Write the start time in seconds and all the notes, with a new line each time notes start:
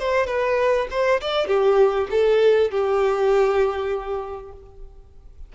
0.00 C5
0.27 B4
0.91 C5
1.21 D5
1.48 G4
2.11 A4
2.71 G4